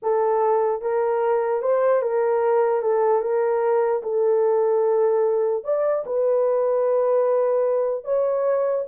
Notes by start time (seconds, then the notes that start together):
0.02 A4
0.81 A#4
1.62 C5
2.02 A#4
2.82 A4
3.21 A#4
4.02 A4
5.64 D5
6.05 B4
8.04 C#5